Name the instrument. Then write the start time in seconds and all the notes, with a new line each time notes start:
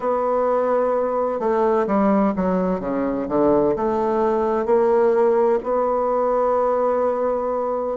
bassoon
0.00 B3
1.39 A3
1.86 G3
2.36 F#3
2.80 C#3
3.28 D3
3.75 A3
4.65 A#3
5.63 B3